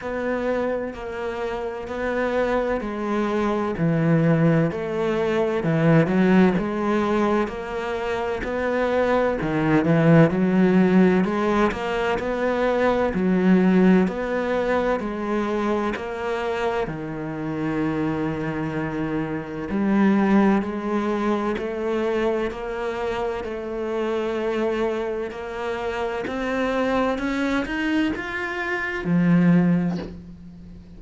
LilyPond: \new Staff \with { instrumentName = "cello" } { \time 4/4 \tempo 4 = 64 b4 ais4 b4 gis4 | e4 a4 e8 fis8 gis4 | ais4 b4 dis8 e8 fis4 | gis8 ais8 b4 fis4 b4 |
gis4 ais4 dis2~ | dis4 g4 gis4 a4 | ais4 a2 ais4 | c'4 cis'8 dis'8 f'4 f4 | }